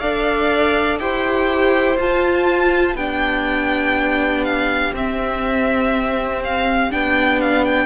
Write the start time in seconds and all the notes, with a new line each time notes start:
0.00 D4 A4 D5 F5
0.99 E4 G4 C5 G5
1.97 F4 A5
2.95 B3 D4 G4 G5
4.44 F5
4.93 C4 E5
6.44 F5
6.91 B3 D4 G5
7.41 F5
7.64 G5